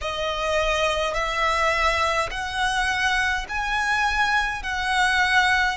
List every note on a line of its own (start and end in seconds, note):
0.01 1.14 D#5
1.14 2.29 E5
2.31 3.46 F#5
3.48 4.63 G#5
4.63 5.77 F#5